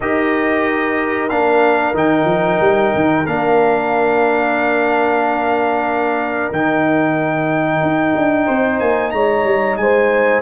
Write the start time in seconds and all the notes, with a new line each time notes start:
0.00 D#4 G4 A#4 D#5
1.29 A#3 D4 F5
1.94 D#3 D#4 G5
2.24 F3
2.60 G3
2.95 D#3
3.26 A#3 D4 F5
6.51 D#3 D#4 G5
7.82 D#4
8.15 D4
8.45 C4 C5
8.79 A#3 G#5
9.11 G#3 C#5 A#5
9.44 G3
9.76 G#3 C5 G#5